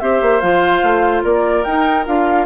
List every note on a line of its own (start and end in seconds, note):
0.00 0.22 C4
0.00 0.42 G4
0.00 1.24 C5
0.00 0.41 E5
0.22 0.42 A#3
0.41 0.83 F3
0.41 1.65 F4
0.41 1.23 F5
0.83 1.24 A3
1.24 1.66 A#3
1.24 2.46 A#4
1.24 1.65 D5
1.65 2.06 D#4
1.65 2.07 D#4
1.65 2.06 G5
2.06 2.46 D4
2.06 2.46 F4
2.06 2.46 F5